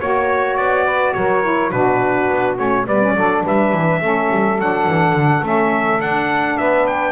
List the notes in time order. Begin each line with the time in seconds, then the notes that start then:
0.00 A#3 F#4 C#5
0.56 B3 D5
0.84 B4
1.13 F#3 A#4 C#5
1.43 E4
1.71 B2 D4 F#4 B4
2.30 B3
2.56 A3 C#4 C#5
2.85 G3 B3 B4 D5
3.02 C#4
3.15 F#3 D4 A4
3.43 G3 B4 E5
3.72 E3
4.00 A3 C#4 A4
4.30 G3
4.58 F#3 D4 F#5
4.88 E3
5.13 D3
5.42 A3 C#4 E5
6.00 D4 F#5
6.57 B3 B4 E5
6.87 G5